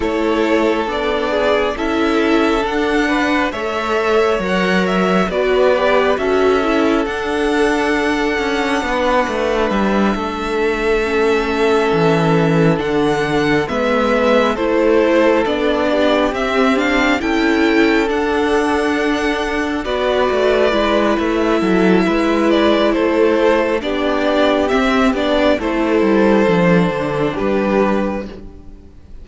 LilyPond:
<<
  \new Staff \with { instrumentName = "violin" } { \time 4/4 \tempo 4 = 68 cis''4 d''4 e''4 fis''4 | e''4 fis''8 e''8 d''4 e''4 | fis''2. e''4~ | e''2~ e''8 fis''4 e''8~ |
e''8 c''4 d''4 e''8 f''8 g''8~ | g''8 fis''2 d''4. | e''4. d''8 c''4 d''4 | e''8 d''8 c''2 b'4 | }
  \new Staff \with { instrumentName = "violin" } { \time 4/4 a'4. gis'8 a'4. b'8 | cis''2 b'4 a'4~ | a'2 b'4. a'8~ | a'2.~ a'8 b'8~ |
b'8 a'4. g'4. a'8~ | a'2~ a'8 b'4.~ | b'8 a'8 b'4 a'4 g'4~ | g'4 a'2 g'4 | }
  \new Staff \with { instrumentName = "viola" } { \time 4/4 e'4 d'4 e'4 d'4 | a'4 ais'4 fis'8 g'8 fis'8 e'8 | d'1~ | d'8 cis'2 d'4 b8~ |
b8 e'4 d'4 c'8 d'8 e'8~ | e'8 d'2 fis'4 e'8~ | e'2. d'4 | c'8 d'8 e'4 d'2 | }
  \new Staff \with { instrumentName = "cello" } { \time 4/4 a4 b4 cis'4 d'4 | a4 fis4 b4 cis'4 | d'4. cis'8 b8 a8 g8 a8~ | a4. e4 d4 gis8~ |
gis8 a4 b4 c'4 cis'8~ | cis'8 d'2 b8 a8 gis8 | a8 fis8 gis4 a4 b4 | c'8 b8 a8 g8 f8 d8 g4 | }
>>